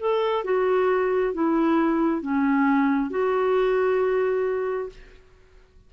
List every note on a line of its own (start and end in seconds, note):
0.00 0.44 A4
0.44 1.34 F#4
1.34 2.22 E4
2.22 3.11 C#4
3.11 4.90 F#4